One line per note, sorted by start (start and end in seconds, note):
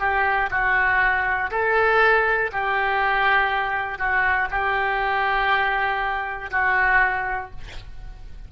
0.00 0.50 G4
0.50 1.50 F#4
1.51 2.51 A4
2.52 3.98 G4
3.98 4.48 F#4
4.50 6.50 G4
6.51 7.51 F#4